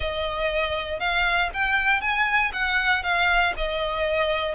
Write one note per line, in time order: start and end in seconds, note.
0.00 0.99 D#5
0.99 1.50 F5
1.53 2.01 G5
2.01 2.51 G#5
2.52 3.03 F#5
3.03 3.53 F5
3.56 4.54 D#5